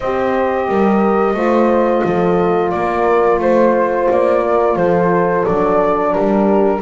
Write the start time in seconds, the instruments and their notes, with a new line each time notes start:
0.00 double bass C4, horn G4 C5, flute D#5
0.68 double bass G3, horn A#4
1.34 double bass A3, horn F4 C5
2.04 double bass F3, horn A4
2.70 double bass A#3, flute D5
2.76 horn A#4
3.39 double bass A3, horn C5, flute C5
4.10 double bass A#3, flute D5
4.43 horn A#4
4.75 double bass F3, horn A4, flute C5
5.45 double bass F#3, horn D4, flute D5
6.13 double bass G3, horn G4, flute A#4